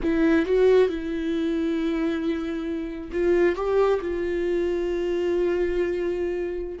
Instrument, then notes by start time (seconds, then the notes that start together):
viola
0.02 E4
0.45 F#4
0.88 E4
3.12 F4
3.55 G4
4.01 F4